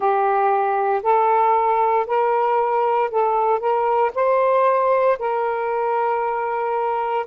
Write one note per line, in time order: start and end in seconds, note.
0.00 1.02 G4
1.03 2.06 A4
2.06 3.10 A#4
3.10 3.59 A4
3.59 4.11 A#4
4.14 5.18 C5
5.19 7.26 A#4